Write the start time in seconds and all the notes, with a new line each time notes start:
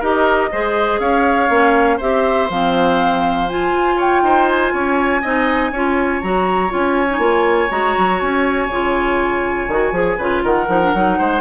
0.00 D#4 G4 A#4 D#5
0.52 G#3 G#4 C5
1.00 C#4 C#5 F5
1.50 A#3 C#4
1.98 C4 G4 C5 E5
2.50 F3 C4 F5
3.49 F4 G#5
3.72 F4
3.97 C#5 G5
4.22 D#4 C5
4.49 G#5
4.74 C#4 C#5
5.22 C4 D#4 D#5
5.72 C#4 F4 C#5
6.22 F#3 F#4 A#5
6.70 C#4 F4 G#5
7.11 D#4
7.19 A#3 F4
7.70 G#3 F#4 A#5
7.98 F#3
8.20 C#4 G#5
8.69 C#3 F4
9.68 D#3 F#4
9.92 F3 G#4
10.18 C#3 F4 B4
10.43 D#3 A#4 F#5
10.68 F3 D#4
10.83 D4
10.94 F#3 D#4
11.18 G#3 C5